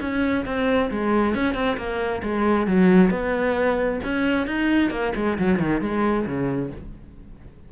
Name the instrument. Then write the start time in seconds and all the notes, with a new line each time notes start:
cello
0.00 C#4
0.45 C4
0.90 G#3
1.35 C#4
1.54 C4
1.77 A#3
2.22 G#3
2.67 F#3
3.10 B3
4.03 C#4
4.46 D#4
4.90 A#3
5.15 G#3
5.38 F#3
5.59 D#3
5.81 G#3
6.26 C#3